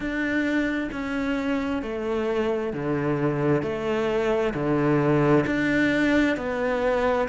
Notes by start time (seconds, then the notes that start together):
0.00 D4
0.91 C#4
1.82 A3
2.73 D3
3.62 A3
4.53 D3
5.46 D4
6.36 B3